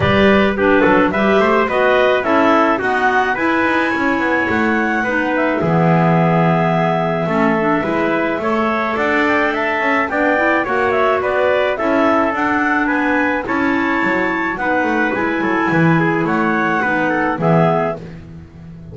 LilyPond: <<
  \new Staff \with { instrumentName = "clarinet" } { \time 4/4 \tempo 4 = 107 d''4 b'4 e''4 dis''4 | e''4 fis''4 gis''2 | fis''4. e''2~ e''8~ | e''1 |
fis''8 g''8 a''4 g''4 fis''8 e''8 | d''4 e''4 fis''4 gis''4 | a''2 fis''4 gis''4~ | gis''4 fis''2 e''4 | }
  \new Staff \with { instrumentName = "trumpet" } { \time 4/4 b'4 g'8 a'8 b'8 c''8 b'4 | a'4 fis'4 b'4 cis''4~ | cis''4 b'4 gis'2~ | gis'4 a'4 b'4 cis''4 |
d''4 e''4 d''4 cis''4 | b'4 a'2 b'4 | cis''2 b'4. a'8 | b'8 gis'8 cis''4 b'8 a'8 gis'4 | }
  \new Staff \with { instrumentName = "clarinet" } { \time 4/4 g'4 d'4 g'4 fis'4 | e'4 b4 e'2~ | e'4 dis'4 b2~ | b4 cis'8 d'8 e'4 a'4~ |
a'2 d'8 e'8 fis'4~ | fis'4 e'4 d'2 | e'2 dis'4 e'4~ | e'2 dis'4 b4 | }
  \new Staff \with { instrumentName = "double bass" } { \time 4/4 g4. fis8 g8 a8 b4 | cis'4 dis'4 e'8 dis'8 cis'8 b8 | a4 b4 e2~ | e4 a4 gis4 a4 |
d'4. cis'8 b4 ais4 | b4 cis'4 d'4 b4 | cis'4 fis4 b8 a8 gis8 fis8 | e4 a4 b4 e4 | }
>>